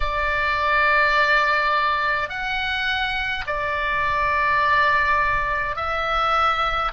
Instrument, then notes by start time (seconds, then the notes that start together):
oboe
0.00 D5
2.29 F#5
3.46 D5
5.76 E5